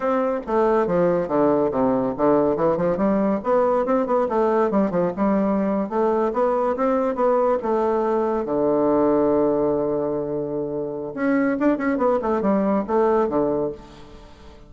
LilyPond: \new Staff \with { instrumentName = "bassoon" } { \time 4/4 \tempo 4 = 140 c'4 a4 f4 d4 | c4 d4 e8 f8 g4 | b4 c'8 b8 a4 g8 f8 | g4.~ g16 a4 b4 c'16~ |
c'8. b4 a2 d16~ | d1~ | d2 cis'4 d'8 cis'8 | b8 a8 g4 a4 d4 | }